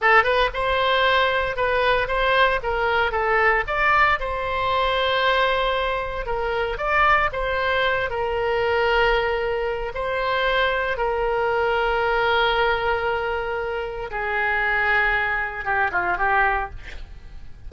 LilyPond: \new Staff \with { instrumentName = "oboe" } { \time 4/4 \tempo 4 = 115 a'8 b'8 c''2 b'4 | c''4 ais'4 a'4 d''4 | c''1 | ais'4 d''4 c''4. ais'8~ |
ais'2. c''4~ | c''4 ais'2.~ | ais'2. gis'4~ | gis'2 g'8 f'8 g'4 | }